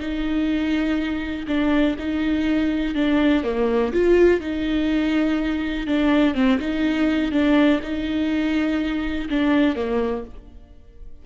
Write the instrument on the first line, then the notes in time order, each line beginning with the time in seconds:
viola
0.00 D#4
1.48 D4
1.99 D#4
2.95 D4
3.44 A#3
3.93 F4
4.41 D#4
5.87 D4
6.34 C4
6.60 D#4
7.32 D4
7.83 D#4
9.29 D4
9.76 A#3